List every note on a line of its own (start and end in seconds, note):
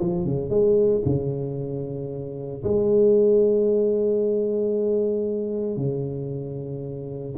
0.00 0.25 F3
0.25 0.50 C#3
0.50 1.03 G#3
1.06 2.64 C#3
2.64 5.77 G#3
5.77 7.35 C#3